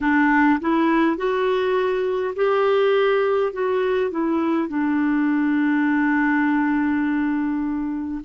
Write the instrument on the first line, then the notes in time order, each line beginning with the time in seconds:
clarinet
0.00 D4
0.60 E4
1.17 F#4
2.35 G4
3.52 F#4
4.10 E4
4.68 D4